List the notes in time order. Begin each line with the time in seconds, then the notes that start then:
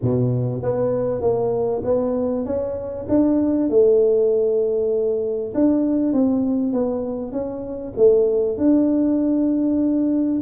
0.02 B2
0.62 B3
1.21 A#3
1.84 B3
2.45 C#4
3.08 D4
3.69 A3
5.54 D4
6.13 C4
6.73 B3
7.32 C#4
7.96 A3
8.57 D4